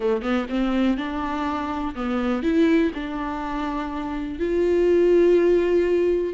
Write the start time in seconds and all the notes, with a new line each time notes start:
0.00 A3
0.22 B3
0.49 C4
0.97 D4
1.95 B3
2.43 E4
2.94 D4
4.39 F4